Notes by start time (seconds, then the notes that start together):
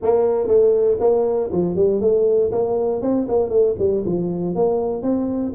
0.02 A#3
0.47 A3
1.00 A#3
1.52 F3
1.75 G3
2.00 A3
2.51 A#3
3.01 C4
3.28 A#3
3.49 A3
3.78 G3
4.05 F3
4.55 A#3
5.02 C4